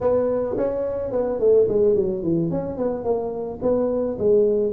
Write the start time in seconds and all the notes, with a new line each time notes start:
0.00 B3
0.57 C#4
1.11 B3
1.39 A3
1.68 G#3
1.95 F#3
2.22 E3
2.50 C#4
2.77 B3
3.04 A#3
3.62 B3
4.18 G#3